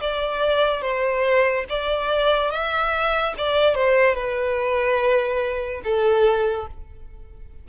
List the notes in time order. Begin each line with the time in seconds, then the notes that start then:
0.00 D5
0.81 C5
1.69 D5
2.50 E5
3.37 D5
3.75 C5
4.14 B4
5.83 A4